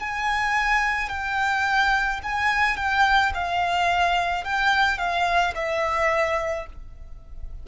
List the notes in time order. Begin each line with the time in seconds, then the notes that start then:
0.00 G#5
1.10 G5
2.23 G#5
2.77 G5
3.34 F5
4.44 G5
4.98 F5
5.55 E5